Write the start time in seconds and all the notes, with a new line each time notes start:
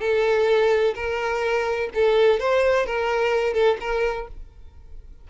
0.00 A4
0.95 A#4
1.95 A4
2.40 C5
2.86 A#4
3.54 A4
3.81 A#4